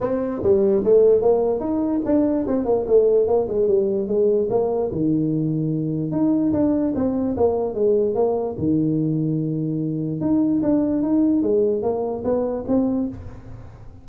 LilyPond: \new Staff \with { instrumentName = "tuba" } { \time 4/4 \tempo 4 = 147 c'4 g4 a4 ais4 | dis'4 d'4 c'8 ais8 a4 | ais8 gis8 g4 gis4 ais4 | dis2. dis'4 |
d'4 c'4 ais4 gis4 | ais4 dis2.~ | dis4 dis'4 d'4 dis'4 | gis4 ais4 b4 c'4 | }